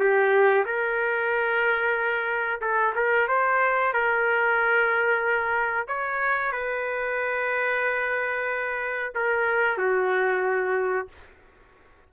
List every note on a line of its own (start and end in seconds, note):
0.00 0.65 G4
0.66 2.61 A#4
2.62 2.95 A4
2.96 3.28 A#4
3.28 3.94 C5
3.94 5.88 A#4
5.88 6.53 C#5
6.53 9.14 B4
9.15 9.78 A#4
9.78 11.08 F#4